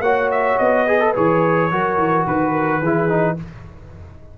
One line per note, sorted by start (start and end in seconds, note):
0.00 0.56 A#3
0.00 0.87 F#4
0.00 0.86 C#5
0.00 0.29 F#5
0.31 0.58 E5
0.58 1.15 B3
0.58 1.13 D#5
0.87 1.00 G#4
0.87 1.70 B4
1.00 1.14 A4
1.14 1.70 E3
1.14 1.70 G#4
1.14 2.26 C#5
1.70 1.97 F#3
1.70 2.82 F#4
1.70 2.26 A#4
1.97 2.25 E3
2.26 2.80 D#3
2.26 3.37 B4
2.26 2.52 B4
2.52 2.80 A#4
2.80 3.36 E3
2.80 3.08 E4
2.80 3.35 G#4
3.08 3.36 D#4